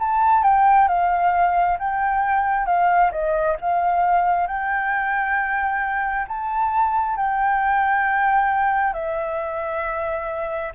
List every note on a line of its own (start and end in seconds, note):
0.00 0.44 A5
0.44 0.88 G5
0.89 1.78 F5
1.79 2.67 G5
2.67 3.11 F5
3.12 3.57 D#5
3.61 4.48 F5
4.48 6.27 G5
6.28 7.17 A5
7.17 8.93 G5
8.93 10.73 E5